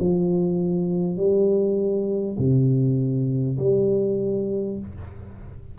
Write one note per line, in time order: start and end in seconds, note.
0.00 1.17 F3
1.17 2.37 G3
2.39 3.59 C3
3.59 4.79 G3